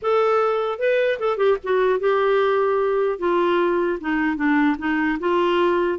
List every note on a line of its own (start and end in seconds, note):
0.01 0.78 A4
0.78 1.18 B4
1.19 1.37 A4
1.37 1.57 G4
1.63 1.99 F#4
1.99 3.18 G4
3.18 3.98 F4
4.00 4.36 D#4
4.36 4.76 D4
4.78 5.18 D#4
5.19 5.99 F4